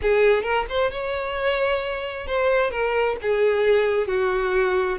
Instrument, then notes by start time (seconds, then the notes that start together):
violin
0.02 G#4
0.42 A#4
0.69 C5
0.91 C#5
2.26 C5
2.70 A#4
3.21 G#4
4.07 F#4